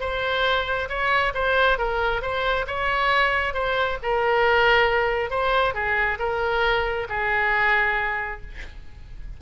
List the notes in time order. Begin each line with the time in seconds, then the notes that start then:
0.00 C5
0.89 C#5
1.34 C5
1.78 A#4
2.22 C5
2.67 C#5
3.54 C5
4.02 A#4
5.30 C5
5.74 G#4
6.19 A#4
7.09 G#4